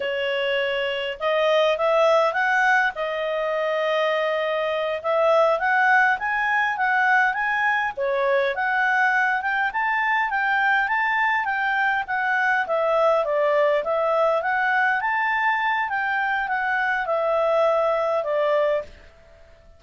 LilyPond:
\new Staff \with { instrumentName = "clarinet" } { \time 4/4 \tempo 4 = 102 cis''2 dis''4 e''4 | fis''4 dis''2.~ | dis''8 e''4 fis''4 gis''4 fis''8~ | fis''8 gis''4 cis''4 fis''4. |
g''8 a''4 g''4 a''4 g''8~ | g''8 fis''4 e''4 d''4 e''8~ | e''8 fis''4 a''4. g''4 | fis''4 e''2 d''4 | }